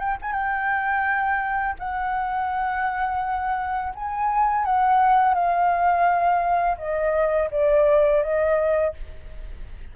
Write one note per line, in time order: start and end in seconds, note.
0.00 0.18 G5
0.22 0.33 G#5
0.33 1.76 G5
1.80 3.94 F#5
3.95 4.65 G#5
4.65 5.34 F#5
5.34 6.77 F5
6.78 7.50 D#5
7.51 8.23 D5
8.23 8.94 D#5